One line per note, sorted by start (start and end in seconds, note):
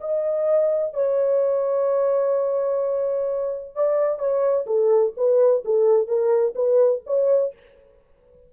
0.00 0.94 D#5
0.94 3.75 C#5
3.75 4.19 D5
4.19 4.66 C#5
4.66 5.13 A4
5.16 5.63 B4
5.65 6.07 A4
6.07 6.54 A#4
6.55 7.02 B4
7.06 7.53 C#5